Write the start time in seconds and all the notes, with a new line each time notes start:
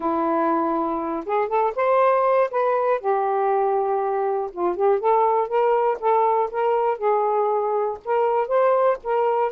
0.00 E4
1.25 G#4
1.48 A4
1.75 C5
2.50 B4
3.00 G4
4.51 F4
4.75 G4
4.99 A4
5.48 A#4
6.00 A4
6.51 A#4
6.98 G#4
8.04 A#4
8.47 C5
9.03 A#4